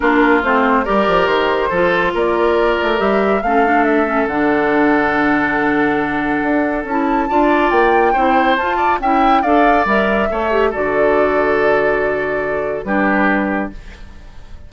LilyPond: <<
  \new Staff \with { instrumentName = "flute" } { \time 4/4 \tempo 4 = 140 ais'4 c''4 d''4 c''4~ | c''4 d''2 e''4 | f''4 e''4 fis''2~ | fis''1 |
a''2 g''2 | a''4 g''4 f''4 e''4~ | e''4 d''2.~ | d''2 b'2 | }
  \new Staff \with { instrumentName = "oboe" } { \time 4/4 f'2 ais'2 | a'4 ais'2. | a'1~ | a'1~ |
a'4 d''2 c''4~ | c''8 d''8 e''4 d''2 | cis''4 a'2.~ | a'2 g'2 | }
  \new Staff \with { instrumentName = "clarinet" } { \time 4/4 d'4 c'4 g'2 | f'2. g'4 | cis'8 d'4 cis'8 d'2~ | d'1 |
e'4 f'2 e'4 | f'4 e'4 a'4 ais'4 | a'8 g'8 fis'2.~ | fis'2 d'2 | }
  \new Staff \with { instrumentName = "bassoon" } { \time 4/4 ais4 a4 g8 f8 dis4 | f4 ais4. a8 g4 | a2 d2~ | d2. d'4 |
cis'4 d'4 ais4 c'4 | f'4 cis'4 d'4 g4 | a4 d2.~ | d2 g2 | }
>>